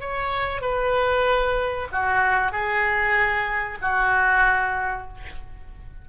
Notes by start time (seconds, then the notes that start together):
0.00 C#5
0.61 B4
1.91 F#4
2.52 G#4
3.81 F#4